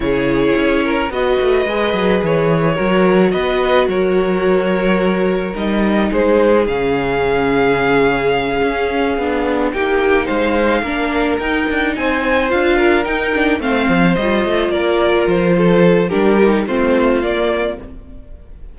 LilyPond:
<<
  \new Staff \with { instrumentName = "violin" } { \time 4/4 \tempo 4 = 108 cis''2 dis''2 | cis''2 dis''4 cis''4~ | cis''2 dis''4 c''4 | f''1~ |
f''4. g''4 f''4.~ | f''8 g''4 gis''4 f''4 g''8~ | g''8 f''4 dis''4 d''4 c''8~ | c''4 ais'4 c''4 d''4 | }
  \new Staff \with { instrumentName = "violin" } { \time 4/4 gis'4. ais'8 b'2~ | b'4 ais'4 b'4 ais'4~ | ais'2. gis'4~ | gis'1~ |
gis'4. g'4 c''4 ais'8~ | ais'4. c''4. ais'4~ | ais'8 c''2 ais'4. | a'4 g'4 f'2 | }
  \new Staff \with { instrumentName = "viola" } { \time 4/4 e'2 fis'4 gis'4~ | gis'4 fis'2.~ | fis'2 dis'2 | cis'1~ |
cis'8 d'4 dis'2 d'8~ | d'8 dis'2 f'4 dis'8 | d'8 c'4 f'2~ f'8~ | f'4 d'8 dis'8 c'4 ais4 | }
  \new Staff \with { instrumentName = "cello" } { \time 4/4 cis4 cis'4 b8 a8 gis8 fis8 | e4 fis4 b4 fis4~ | fis2 g4 gis4 | cis2.~ cis8 cis'8~ |
cis'8 b4 ais4 gis4 ais8~ | ais8 dis'8 d'8 c'4 d'4 dis'8~ | dis'8 a8 f8 g8 a8 ais4 f8~ | f4 g4 a4 ais4 | }
>>